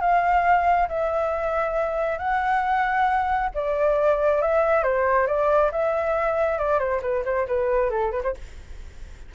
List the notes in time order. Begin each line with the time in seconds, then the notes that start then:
0.00 F5
0.88 E5
2.18 F#5
3.54 D5
4.41 E5
4.83 C5
5.27 D5
5.71 E5
6.58 D5
6.79 C5
7.02 B4
7.24 C5
7.47 B4
7.90 A4
8.11 B4
8.23 C5